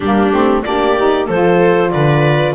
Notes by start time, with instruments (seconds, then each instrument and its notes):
0.00 double bass G3, saxophone A#3, viola D4, clarinet G4
0.32 double bass A3, saxophone C4
0.62 double bass A#3, saxophone D4, viola G4, clarinet D5
0.96 saxophone D#4
1.27 double bass F3, saxophone F4, viola A4, clarinet C5
1.90 double bass D3, viola B4, clarinet D5